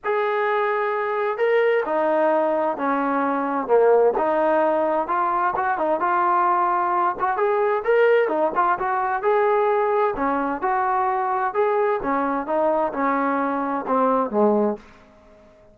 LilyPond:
\new Staff \with { instrumentName = "trombone" } { \time 4/4 \tempo 4 = 130 gis'2. ais'4 | dis'2 cis'2 | ais4 dis'2 f'4 | fis'8 dis'8 f'2~ f'8 fis'8 |
gis'4 ais'4 dis'8 f'8 fis'4 | gis'2 cis'4 fis'4~ | fis'4 gis'4 cis'4 dis'4 | cis'2 c'4 gis4 | }